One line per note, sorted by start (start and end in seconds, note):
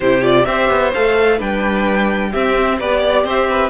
0.00 0.46 C3
0.00 0.22 E4
0.00 0.45 G4
0.00 0.23 C5
0.22 0.45 F4
0.22 0.44 D5
0.44 0.69 C4
0.44 0.92 G4
0.44 1.37 C5
0.44 0.91 E5
0.69 0.93 B3
0.93 1.40 A3
0.93 1.38 A4
0.93 1.40 F5
1.37 2.33 G3
1.37 2.31 D4
1.37 2.30 B4
1.37 2.32 G5
2.30 2.79 C4
2.30 2.80 C4
2.30 2.77 G4
2.30 2.78 E5
2.79 3.24 B3
2.79 3.69 G4
2.79 2.99 B4
2.79 3.26 D5
2.99 3.22 D5
3.24 3.69 C4
3.24 3.47 C5
3.24 3.69 E5
3.50 3.69 B4